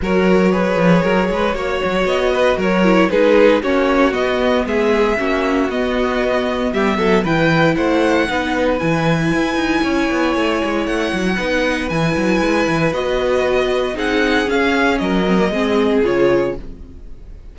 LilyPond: <<
  \new Staff \with { instrumentName = "violin" } { \time 4/4 \tempo 4 = 116 cis''1 | dis''4 cis''4 b'4 cis''4 | dis''4 e''2 dis''4~ | dis''4 e''4 g''4 fis''4~ |
fis''4 gis''2.~ | gis''4 fis''2 gis''4~ | gis''4 dis''2 fis''4 | f''4 dis''2 cis''4 | }
  \new Staff \with { instrumentName = "violin" } { \time 4/4 ais'4 b'4 ais'8 b'8 cis''4~ | cis''8 b'8 ais'4 gis'4 fis'4~ | fis'4 gis'4 fis'2~ | fis'4 g'8 a'8 b'4 c''4 |
b'2. cis''4~ | cis''2 b'2~ | b'2. gis'4~ | gis'4 ais'4 gis'2 | }
  \new Staff \with { instrumentName = "viola" } { \time 4/4 fis'4 gis'2 fis'4~ | fis'4. e'8 dis'4 cis'4 | b2 cis'4 b4~ | b2 e'2 |
dis'4 e'2.~ | e'2 dis'4 e'4~ | e'4 fis'2 dis'4 | cis'4. c'16 ais16 c'4 f'4 | }
  \new Staff \with { instrumentName = "cello" } { \time 4/4 fis4. f8 fis8 gis8 ais8 fis8 | b4 fis4 gis4 ais4 | b4 gis4 ais4 b4~ | b4 g8 fis8 e4 a4 |
b4 e4 e'8 dis'8 cis'8 b8 | a8 gis8 a8 fis8 b4 e8 fis8 | gis8 e8 b2 c'4 | cis'4 fis4 gis4 cis4 | }
>>